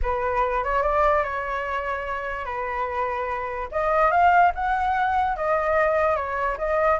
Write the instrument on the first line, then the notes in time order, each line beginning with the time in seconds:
flute
0.02 B4
0.64 C#5
0.82 D5
1.23 C#5
2.45 B4
3.71 D#5
4.11 F5
4.54 F#5
5.36 D#5
6.16 C#5
6.58 D#5